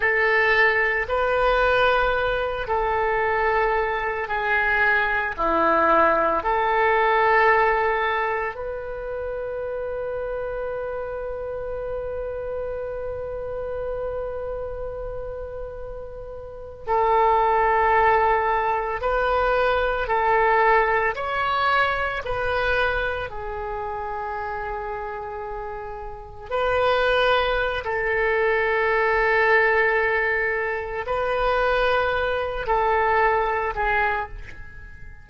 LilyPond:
\new Staff \with { instrumentName = "oboe" } { \time 4/4 \tempo 4 = 56 a'4 b'4. a'4. | gis'4 e'4 a'2 | b'1~ | b'2.~ b'8. a'16~ |
a'4.~ a'16 b'4 a'4 cis''16~ | cis''8. b'4 gis'2~ gis'16~ | gis'8. b'4~ b'16 a'2~ | a'4 b'4. a'4 gis'8 | }